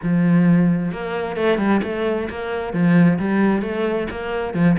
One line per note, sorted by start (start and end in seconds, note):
0.02 0.92 F3
0.92 1.36 A#3
1.36 1.58 A3
1.58 1.80 G3
1.83 2.28 A3
2.29 2.73 A#3
2.73 3.18 F3
3.18 3.62 G3
3.62 4.07 A3
4.10 4.54 A#3
4.54 4.76 F3